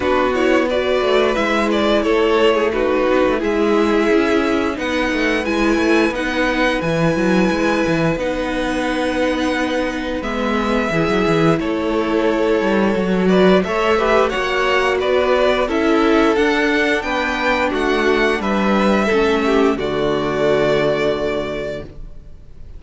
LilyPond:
<<
  \new Staff \with { instrumentName = "violin" } { \time 4/4 \tempo 4 = 88 b'8 cis''8 d''4 e''8 d''8 cis''4 | b'4 e''2 fis''4 | gis''4 fis''4 gis''2 | fis''2. e''4~ |
e''4 cis''2~ cis''8 d''8 | e''4 fis''4 d''4 e''4 | fis''4 g''4 fis''4 e''4~ | e''4 d''2. | }
  \new Staff \with { instrumentName = "violin" } { \time 4/4 fis'4 b'2 a'8. gis'16 | fis'4 gis'2 b'4~ | b'1~ | b'1 |
gis'4 a'2~ a'8 b'8 | cis''8 b'8 cis''4 b'4 a'4~ | a'4 b'4 fis'4 b'4 | a'8 g'8 fis'2. | }
  \new Staff \with { instrumentName = "viola" } { \time 4/4 d'8 e'8 fis'4 e'2 | dis'4 e'2 dis'4 | e'4 dis'4 e'2 | dis'2. b4 |
e'2. fis'4 | a'8 g'8 fis'2 e'4 | d'1 | cis'4 a2. | }
  \new Staff \with { instrumentName = "cello" } { \time 4/4 b4. a8 gis4 a4~ | a8 b16 a16 gis4 cis'4 b8 a8 | gis8 a8 b4 e8 fis8 gis8 e8 | b2. gis4 |
e16 fis16 e8 a4. g8 fis4 | a4 ais4 b4 cis'4 | d'4 b4 a4 g4 | a4 d2. | }
>>